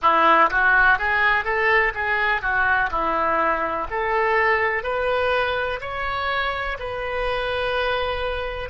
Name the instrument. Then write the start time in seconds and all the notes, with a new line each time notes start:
oboe
0.01 E4
0.50 F#4
0.98 G#4
1.44 A4
1.94 G#4
2.41 F#4
2.90 E4
3.90 A4
4.83 B4
5.80 C#5
6.79 B4